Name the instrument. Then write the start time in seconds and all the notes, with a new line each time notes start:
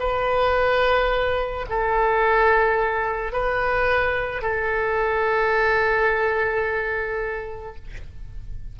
oboe
0.00 B4
1.70 A4
3.33 B4
4.42 A4